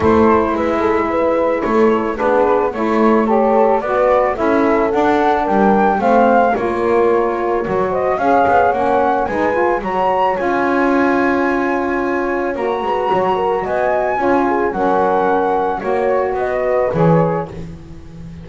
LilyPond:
<<
  \new Staff \with { instrumentName = "flute" } { \time 4/4 \tempo 4 = 110 c''4 e''2 cis''4 | b'4 cis''4 a'4 d''4 | e''4 fis''4 g''4 f''4 | cis''2~ cis''8 dis''8 f''4 |
fis''4 gis''4 ais''4 gis''4~ | gis''2. ais''4~ | ais''4 gis''2 fis''4~ | fis''4 cis''4 dis''4 cis''4 | }
  \new Staff \with { instrumentName = "horn" } { \time 4/4 a'4 b'8 a'8 b'4 a'4 | gis'4 a'4 cis''4 b'4 | a'2 ais'4 c''4 | ais'2~ ais'8 c''8 cis''4~ |
cis''4 b'4 cis''2~ | cis''2.~ cis''8 b'8 | cis''8 ais'8 dis''4 cis''8 gis'8 ais'4~ | ais'4 cis''4 b'2 | }
  \new Staff \with { instrumentName = "saxophone" } { \time 4/4 e'1 | d'4 e'4 g'4 fis'4 | e'4 d'2 c'4 | f'2 fis'4 gis'4 |
cis'4 dis'8 f'8 fis'4 f'4~ | f'2. fis'4~ | fis'2 f'4 cis'4~ | cis'4 fis'2 gis'4 | }
  \new Staff \with { instrumentName = "double bass" } { \time 4/4 a4 gis2 a4 | b4 a2 b4 | cis'4 d'4 g4 a4 | ais2 fis4 cis'8 b8 |
ais4 gis4 fis4 cis'4~ | cis'2. ais8 gis8 | fis4 b4 cis'4 fis4~ | fis4 ais4 b4 e4 | }
>>